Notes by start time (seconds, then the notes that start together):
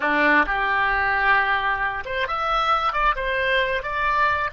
0.00 D4
0.46 G4
2.05 C5
2.27 E5
2.92 D5
3.15 C5
3.82 D5